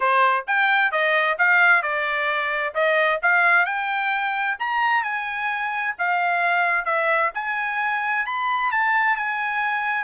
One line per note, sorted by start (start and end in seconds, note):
0.00 0.45 C5
0.47 0.91 G5
0.91 1.37 D#5
1.38 1.82 F5
1.82 2.74 D5
2.74 3.20 D#5
3.22 3.65 F5
3.65 4.57 G5
4.59 5.03 A#5
5.03 5.95 G#5
5.98 6.85 F5
6.85 7.31 E5
7.34 8.25 G#5
8.25 8.71 B5
8.71 9.16 A5
9.16 10.04 G#5